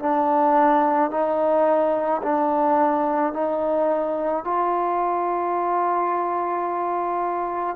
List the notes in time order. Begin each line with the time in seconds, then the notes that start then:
0.00 D4
1.11 D#4
2.23 D4
3.33 D#4
4.44 F4